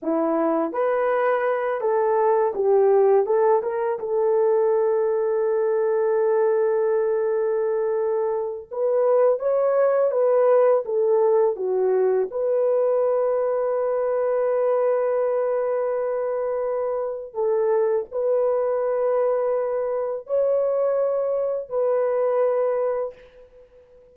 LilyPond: \new Staff \with { instrumentName = "horn" } { \time 4/4 \tempo 4 = 83 e'4 b'4. a'4 g'8~ | g'8 a'8 ais'8 a'2~ a'8~ | a'1 | b'4 cis''4 b'4 a'4 |
fis'4 b'2.~ | b'1 | a'4 b'2. | cis''2 b'2 | }